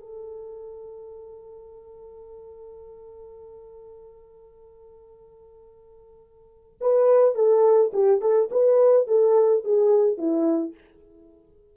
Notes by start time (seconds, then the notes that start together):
0.00 A4
6.81 B4
7.35 A4
7.93 G4
8.21 A4
8.51 B4
9.07 A4
9.64 G#4
10.18 E4